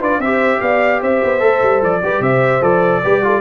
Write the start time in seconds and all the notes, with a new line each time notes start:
0.00 D4 F4 B4 D5
0.19 C4 G4 C5 E5
0.61 B3 D5 F5
1.01 C4 C5 E5
1.23 B3
1.40 A3 A4
1.62 G3
1.82 F3 D5
2.03 G3 G4 B4
2.20 C3 C5 E5
2.61 F3 A4 D5
3.03 G3 G4 B4
3.23 F4 A4